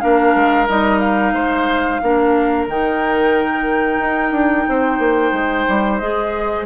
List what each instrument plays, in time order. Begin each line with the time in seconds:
0.00 bassoon A#3, clarinet D4, oboe A#4, flute F5
0.35 bassoon G#3
0.68 bassoon G3, clarinet D#4, flute D#5
0.99 flute F5
1.33 bassoon G#3, oboe C5
2.02 bassoon A#3, clarinet D4, oboe A#4
2.68 bassoon D#3, clarinet D#4, flute G5
3.98 bassoon D#4
4.31 bassoon D4
4.68 bassoon C4, oboe C5
4.98 bassoon A#3
5.32 bassoon G#3
5.68 bassoon G3
5.98 bassoon G#3, clarinet G#4, flute D#5